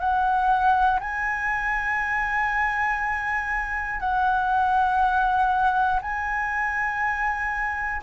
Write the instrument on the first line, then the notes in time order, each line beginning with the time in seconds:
flute
0.00 F#5
1.00 G#5
4.01 F#5
6.02 G#5